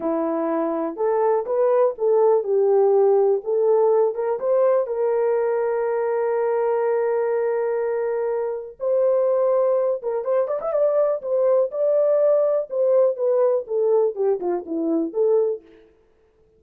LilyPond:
\new Staff \with { instrumentName = "horn" } { \time 4/4 \tempo 4 = 123 e'2 a'4 b'4 | a'4 g'2 a'4~ | a'8 ais'8 c''4 ais'2~ | ais'1~ |
ais'2 c''2~ | c''8 ais'8 c''8 d''16 e''16 d''4 c''4 | d''2 c''4 b'4 | a'4 g'8 f'8 e'4 a'4 | }